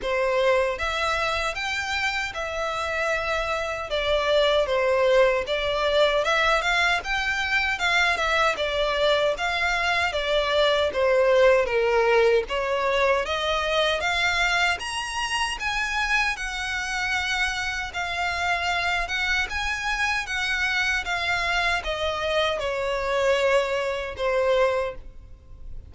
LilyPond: \new Staff \with { instrumentName = "violin" } { \time 4/4 \tempo 4 = 77 c''4 e''4 g''4 e''4~ | e''4 d''4 c''4 d''4 | e''8 f''8 g''4 f''8 e''8 d''4 | f''4 d''4 c''4 ais'4 |
cis''4 dis''4 f''4 ais''4 | gis''4 fis''2 f''4~ | f''8 fis''8 gis''4 fis''4 f''4 | dis''4 cis''2 c''4 | }